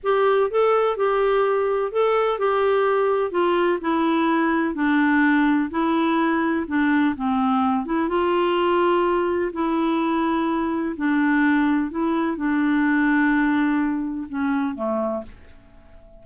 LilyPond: \new Staff \with { instrumentName = "clarinet" } { \time 4/4 \tempo 4 = 126 g'4 a'4 g'2 | a'4 g'2 f'4 | e'2 d'2 | e'2 d'4 c'4~ |
c'8 e'8 f'2. | e'2. d'4~ | d'4 e'4 d'2~ | d'2 cis'4 a4 | }